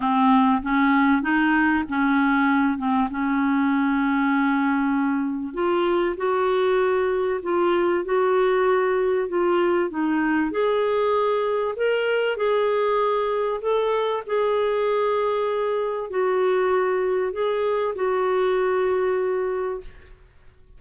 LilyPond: \new Staff \with { instrumentName = "clarinet" } { \time 4/4 \tempo 4 = 97 c'4 cis'4 dis'4 cis'4~ | cis'8 c'8 cis'2.~ | cis'4 f'4 fis'2 | f'4 fis'2 f'4 |
dis'4 gis'2 ais'4 | gis'2 a'4 gis'4~ | gis'2 fis'2 | gis'4 fis'2. | }